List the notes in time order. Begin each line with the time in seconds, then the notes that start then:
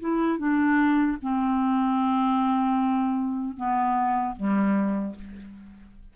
0.00 E4
0.38 D4
1.21 C4
3.56 B3
4.36 G3